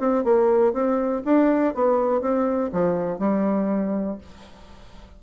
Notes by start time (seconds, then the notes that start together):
0.00 C4
0.25 A#3
0.74 C4
1.26 D4
1.75 B3
2.22 C4
2.73 F3
3.19 G3